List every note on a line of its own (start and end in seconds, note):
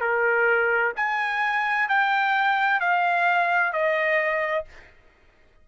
0.00 0.92 A#4
0.96 1.88 G#5
1.88 2.80 G5
2.80 3.72 F5
3.73 4.65 D#5